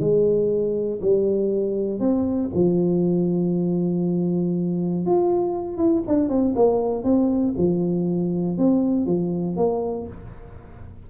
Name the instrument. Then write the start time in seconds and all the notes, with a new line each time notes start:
tuba
0.00 G#3
1.02 G3
2.00 C4
2.54 F3
5.06 F4
5.78 E4
6.08 D4
6.29 C4
6.55 A#3
7.04 C4
7.57 F3
8.58 C4
9.06 F3
9.57 A#3